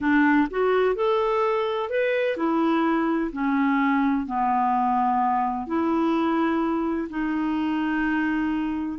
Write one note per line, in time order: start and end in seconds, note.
0.00 0.47 D4
0.50 0.95 F#4
0.95 1.89 A4
1.89 2.36 B4
2.36 3.31 E4
3.32 4.26 C#4
4.26 5.66 B3
5.66 7.08 E4
7.09 8.98 D#4